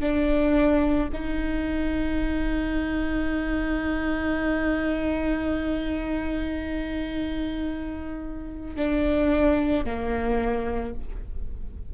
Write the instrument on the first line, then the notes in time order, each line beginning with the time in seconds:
viola
0.00 D4
1.13 D#4
8.76 D4
9.85 A#3